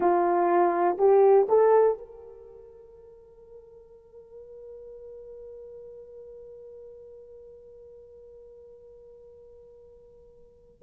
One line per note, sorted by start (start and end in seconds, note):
0.00 0.97 F4
0.97 1.47 G4
1.48 1.98 A4
1.98 10.82 A#4